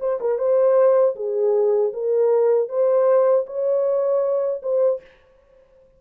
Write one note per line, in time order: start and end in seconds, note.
0.00 0.19 C5
0.21 0.38 A#4
0.38 1.15 C5
1.16 1.93 G#4
1.93 2.69 A#4
2.69 3.46 C5
3.47 4.62 C#5
4.62 5.01 C5